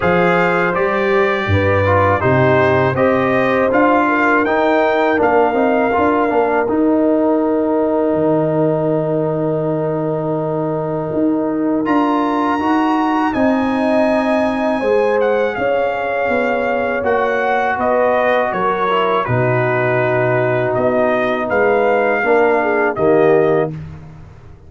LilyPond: <<
  \new Staff \with { instrumentName = "trumpet" } { \time 4/4 \tempo 4 = 81 f''4 d''2 c''4 | dis''4 f''4 g''4 f''4~ | f''4 g''2.~ | g''1 |
ais''2 gis''2~ | gis''8 fis''8 f''2 fis''4 | dis''4 cis''4 b'2 | dis''4 f''2 dis''4 | }
  \new Staff \with { instrumentName = "horn" } { \time 4/4 c''2 b'4 g'4 | c''4. ais'2~ ais'8~ | ais'1~ | ais'1~ |
ais'2 dis''2 | c''4 cis''2. | b'4 ais'4 fis'2~ | fis'4 b'4 ais'8 gis'8 g'4 | }
  \new Staff \with { instrumentName = "trombone" } { \time 4/4 gis'4 g'4. f'8 dis'4 | g'4 f'4 dis'4 d'8 dis'8 | f'8 d'8 dis'2.~ | dis'1 |
f'4 fis'4 dis'2 | gis'2. fis'4~ | fis'4. e'8 dis'2~ | dis'2 d'4 ais4 | }
  \new Staff \with { instrumentName = "tuba" } { \time 4/4 f4 g4 g,4 c4 | c'4 d'4 dis'4 ais8 c'8 | d'8 ais8 dis'2 dis4~ | dis2. dis'4 |
d'4 dis'4 c'2 | gis4 cis'4 b4 ais4 | b4 fis4 b,2 | b4 gis4 ais4 dis4 | }
>>